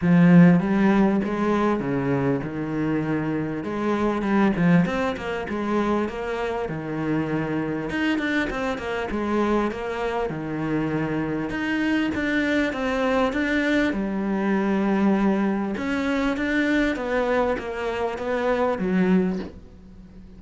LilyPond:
\new Staff \with { instrumentName = "cello" } { \time 4/4 \tempo 4 = 99 f4 g4 gis4 cis4 | dis2 gis4 g8 f8 | c'8 ais8 gis4 ais4 dis4~ | dis4 dis'8 d'8 c'8 ais8 gis4 |
ais4 dis2 dis'4 | d'4 c'4 d'4 g4~ | g2 cis'4 d'4 | b4 ais4 b4 fis4 | }